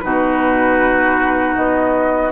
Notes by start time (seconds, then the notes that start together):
0.00 B2 D#4 F#4 B4
1.55 B3 D#5